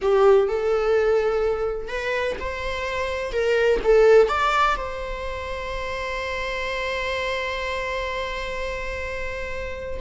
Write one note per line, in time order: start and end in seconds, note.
0.01 0.48 G4
0.48 1.88 A4
1.88 2.35 B4
2.39 3.32 C5
3.32 3.80 A#4
3.84 4.28 A4
4.28 4.76 D5
4.76 10.00 C5